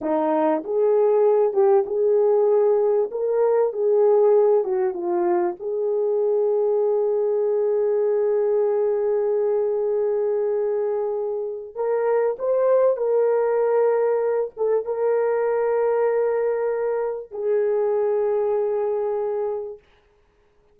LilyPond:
\new Staff \with { instrumentName = "horn" } { \time 4/4 \tempo 4 = 97 dis'4 gis'4. g'8 gis'4~ | gis'4 ais'4 gis'4. fis'8 | f'4 gis'2.~ | gis'1~ |
gis'2. ais'4 | c''4 ais'2~ ais'8 a'8 | ais'1 | gis'1 | }